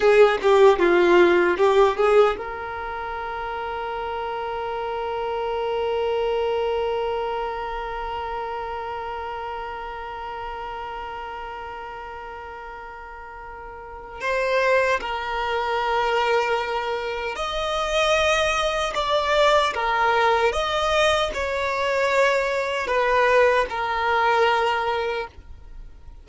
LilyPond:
\new Staff \with { instrumentName = "violin" } { \time 4/4 \tempo 4 = 76 gis'8 g'8 f'4 g'8 gis'8 ais'4~ | ais'1~ | ais'1~ | ais'1~ |
ais'2 c''4 ais'4~ | ais'2 dis''2 | d''4 ais'4 dis''4 cis''4~ | cis''4 b'4 ais'2 | }